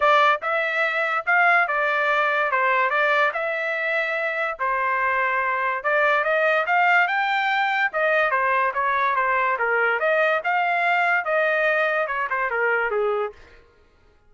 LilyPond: \new Staff \with { instrumentName = "trumpet" } { \time 4/4 \tempo 4 = 144 d''4 e''2 f''4 | d''2 c''4 d''4 | e''2. c''4~ | c''2 d''4 dis''4 |
f''4 g''2 dis''4 | c''4 cis''4 c''4 ais'4 | dis''4 f''2 dis''4~ | dis''4 cis''8 c''8 ais'4 gis'4 | }